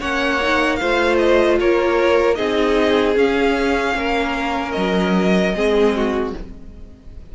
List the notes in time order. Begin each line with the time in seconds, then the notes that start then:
0.00 A#3 C#4 C#5 F#5
0.42 D#4
0.76 A3 F4 C5 F5
1.18 D#5
1.60 A#3 A#4 C#5
2.35 C4 D#4 G#4 D#5
3.16 C#4 F5
3.95 A#3 A#4
4.72 F#3 D#5
5.54 G#3 C4 G#4
5.96 F#4